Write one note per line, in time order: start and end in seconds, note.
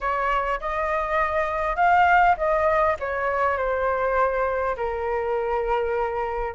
0.00 0.60 C#5
0.60 1.76 D#5
1.76 2.35 F5
2.37 2.96 D#5
2.99 3.57 C#5
3.57 4.76 C5
4.76 6.54 A#4